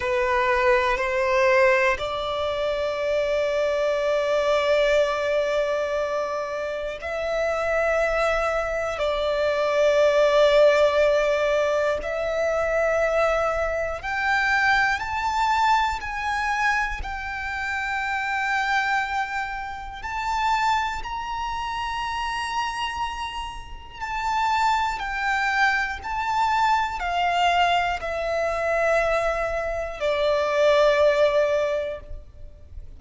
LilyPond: \new Staff \with { instrumentName = "violin" } { \time 4/4 \tempo 4 = 60 b'4 c''4 d''2~ | d''2. e''4~ | e''4 d''2. | e''2 g''4 a''4 |
gis''4 g''2. | a''4 ais''2. | a''4 g''4 a''4 f''4 | e''2 d''2 | }